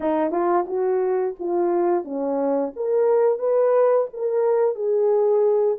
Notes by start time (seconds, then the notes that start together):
0.00 D#4
0.31 F4
0.66 F#4
1.39 F4
2.04 C#4
2.76 A#4
3.38 B4
4.12 A#4
4.75 G#4